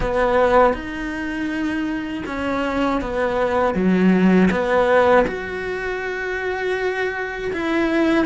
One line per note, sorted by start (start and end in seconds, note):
0.00 0.73 B3
0.73 2.23 D#4
2.26 3.01 C#4
3.01 3.74 B3
3.74 4.49 F#3
4.50 5.25 B3
5.27 7.52 F#4
7.52 8.25 E4